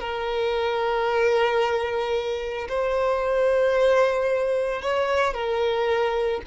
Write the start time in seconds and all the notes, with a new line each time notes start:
0.00 A#4
2.69 C5
4.82 C#5
5.34 A#4